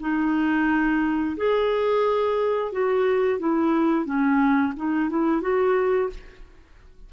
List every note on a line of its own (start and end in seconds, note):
0.00 1.36 D#4
1.37 2.72 G#4
2.72 3.39 F#4
3.39 4.05 E4
4.05 4.73 C#4
4.76 5.10 D#4
5.10 5.41 E4
5.41 6.09 F#4